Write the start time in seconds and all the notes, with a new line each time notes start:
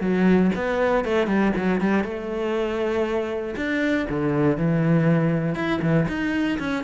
0.00 F#3
0.55 B3
1.04 A3
1.26 G3
1.56 F#3
1.80 G3
2.03 A3
3.56 D4
4.10 D3
4.57 E3
5.55 E4
5.81 E3
6.08 D#4
6.58 C#4